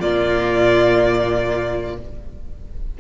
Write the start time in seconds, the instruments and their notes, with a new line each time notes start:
0.00 cello A#2, viola A#3, violin F4 D5